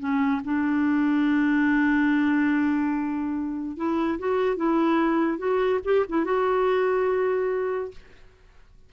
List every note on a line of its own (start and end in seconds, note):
0.00 0.42 C#4
0.45 3.77 D4
3.77 4.19 E4
4.19 4.57 F#4
4.57 5.38 E4
5.38 5.80 F#4
5.85 6.05 G4
6.09 6.25 E4
6.25 7.92 F#4